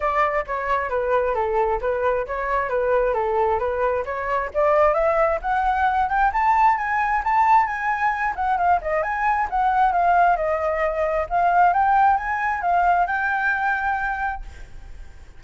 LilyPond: \new Staff \with { instrumentName = "flute" } { \time 4/4 \tempo 4 = 133 d''4 cis''4 b'4 a'4 | b'4 cis''4 b'4 a'4 | b'4 cis''4 d''4 e''4 | fis''4. g''8 a''4 gis''4 |
a''4 gis''4. fis''8 f''8 dis''8 | gis''4 fis''4 f''4 dis''4~ | dis''4 f''4 g''4 gis''4 | f''4 g''2. | }